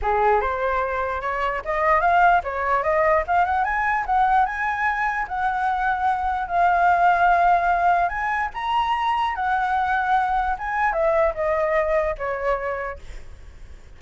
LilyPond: \new Staff \with { instrumentName = "flute" } { \time 4/4 \tempo 4 = 148 gis'4 c''2 cis''4 | dis''4 f''4 cis''4 dis''4 | f''8 fis''8 gis''4 fis''4 gis''4~ | gis''4 fis''2. |
f''1 | gis''4 ais''2 fis''4~ | fis''2 gis''4 e''4 | dis''2 cis''2 | }